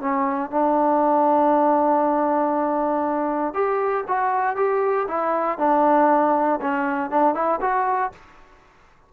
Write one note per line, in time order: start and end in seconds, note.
0.00 0.51 C#4
0.51 3.54 D4
3.54 4.04 G4
4.07 4.56 F#4
4.56 5.07 G4
5.08 5.58 E4
5.58 6.60 D4
6.61 7.10 C#4
7.10 7.34 D4
7.34 7.60 E4
7.61 8.12 F#4